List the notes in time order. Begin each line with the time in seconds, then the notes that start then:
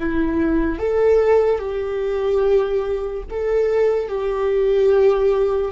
0.00 E4
0.79 A4
1.59 G4
3.31 A4
4.09 G4